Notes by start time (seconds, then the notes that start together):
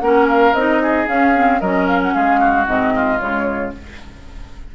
0.00 A#3 C#4 A#4 F#5
0.29 F5
0.54 C4 D#4 D#5
0.83 G#4
1.08 C#4 F5
1.35 C4
1.61 F#3 C#4 A#4 D#5
1.87 F5
2.02 F#5
2.14 G#3 G#4 F5
2.40 F#4
2.67 G#2 C4 D#5
2.96 F4
3.19 C#3 G#3 C#5